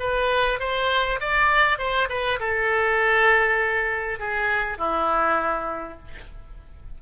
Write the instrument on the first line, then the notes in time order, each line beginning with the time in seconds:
oboe
0.00 B4
0.60 C5
1.21 D5
1.79 C5
2.09 B4
2.40 A4
4.19 G#4
4.78 E4